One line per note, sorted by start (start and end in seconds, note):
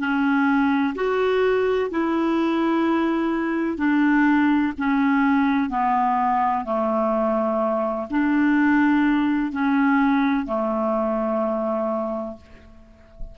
0.00 0.95 C#4
0.96 1.91 F#4
1.91 3.78 E4
3.78 4.74 D4
4.78 5.70 C#4
5.70 6.65 B3
6.65 8.08 A3
8.11 9.53 D4
9.53 10.47 C#4
10.47 12.37 A3